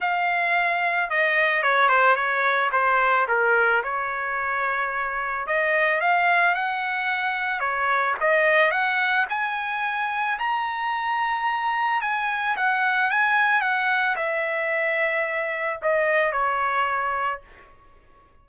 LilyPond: \new Staff \with { instrumentName = "trumpet" } { \time 4/4 \tempo 4 = 110 f''2 dis''4 cis''8 c''8 | cis''4 c''4 ais'4 cis''4~ | cis''2 dis''4 f''4 | fis''2 cis''4 dis''4 |
fis''4 gis''2 ais''4~ | ais''2 gis''4 fis''4 | gis''4 fis''4 e''2~ | e''4 dis''4 cis''2 | }